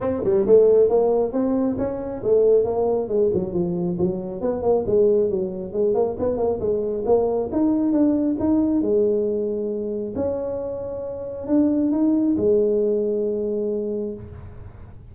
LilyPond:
\new Staff \with { instrumentName = "tuba" } { \time 4/4 \tempo 4 = 136 c'8 g8 a4 ais4 c'4 | cis'4 a4 ais4 gis8 fis8 | f4 fis4 b8 ais8 gis4 | fis4 gis8 ais8 b8 ais8 gis4 |
ais4 dis'4 d'4 dis'4 | gis2. cis'4~ | cis'2 d'4 dis'4 | gis1 | }